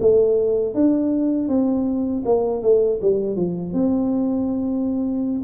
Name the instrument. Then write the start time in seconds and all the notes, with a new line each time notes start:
tuba
0.00 A3
0.74 D4
1.48 C4
2.25 A#3
2.62 A3
3.01 G3
3.36 F3
3.73 C4